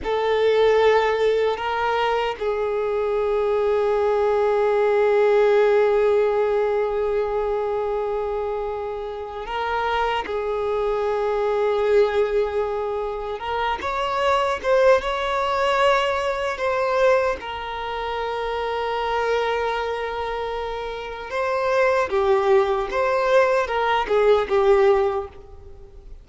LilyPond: \new Staff \with { instrumentName = "violin" } { \time 4/4 \tempo 4 = 76 a'2 ais'4 gis'4~ | gis'1~ | gis'1 | ais'4 gis'2.~ |
gis'4 ais'8 cis''4 c''8 cis''4~ | cis''4 c''4 ais'2~ | ais'2. c''4 | g'4 c''4 ais'8 gis'8 g'4 | }